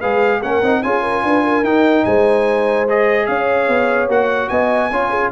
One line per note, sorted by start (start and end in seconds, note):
0.00 0.43 G#3
0.00 0.42 G#4
0.00 0.41 B4
0.00 0.42 F5
0.42 0.62 A#3
0.42 0.63 C#4
0.42 0.83 A#4
0.42 0.83 F#5
0.62 0.83 C4
0.62 0.84 D#4
0.83 1.24 C#4
0.83 1.65 F4
0.83 1.03 G#4
0.83 1.65 G#5
1.03 1.23 A#4
1.24 1.64 D4
1.24 1.44 B4
1.44 2.05 A#4
1.64 2.04 D#4
1.64 2.88 D#4
1.64 2.05 G5
2.05 3.29 G#3
2.05 3.27 C5
2.05 2.87 G#5
2.89 4.10 G#4
2.89 3.26 D#5
3.26 3.68 C#4
3.26 4.51 C#5
3.26 4.08 F5
3.68 4.09 B3
4.09 4.49 A#3
4.09 4.91 F#4
4.09 4.49 F#5
4.49 4.91 B3
4.49 4.92 D#5
4.49 5.31 G#5
4.91 5.31 C#4
4.91 5.32 F4
4.91 5.10 C#5
5.10 5.31 G#4